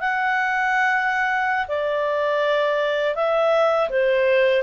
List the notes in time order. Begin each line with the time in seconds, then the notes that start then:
0.00 F#5
1.68 D5
3.15 E5
3.90 C5